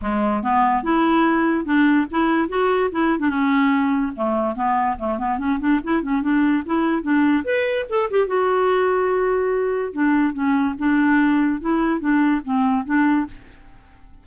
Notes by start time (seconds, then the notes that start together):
0.01 G#3
0.43 B3
0.83 E4
1.65 D4
2.10 E4
2.48 F#4
2.91 E4
3.19 D4
3.29 C#4
4.15 A3
4.55 B3
4.98 A3
5.18 B3
5.38 C#4
5.59 D4
5.83 E4
6.02 C#4
6.22 D4
6.65 E4
7.02 D4
7.44 B4
7.89 A4
8.10 G4
8.27 F#4
9.93 D4
10.33 C#4
10.78 D4
11.60 E4
12.00 D4
12.44 C4
12.85 D4